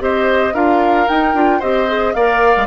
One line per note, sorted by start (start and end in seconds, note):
0.00 0.54 C4
0.00 0.54 G4
0.00 0.54 C5
0.00 0.55 D#5
0.54 1.07 D4
0.54 1.08 F4
0.54 1.60 A#4
0.54 1.08 F5
1.08 1.35 D#4
1.08 1.34 D#4
1.08 1.61 G5
1.34 1.61 D4
1.34 1.62 F4
1.60 2.15 C4
1.60 1.88 G4
1.60 2.13 C5
1.60 2.14 D#5
1.88 2.15 G#4
2.14 2.55 A#3
2.14 2.67 A#4
2.14 2.67 D5
2.14 2.67 F5
2.57 2.67 G#3